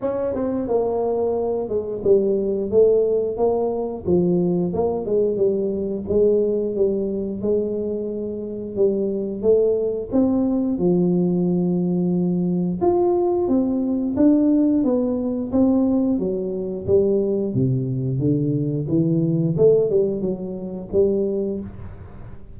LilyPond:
\new Staff \with { instrumentName = "tuba" } { \time 4/4 \tempo 4 = 89 cis'8 c'8 ais4. gis8 g4 | a4 ais4 f4 ais8 gis8 | g4 gis4 g4 gis4~ | gis4 g4 a4 c'4 |
f2. f'4 | c'4 d'4 b4 c'4 | fis4 g4 c4 d4 | e4 a8 g8 fis4 g4 | }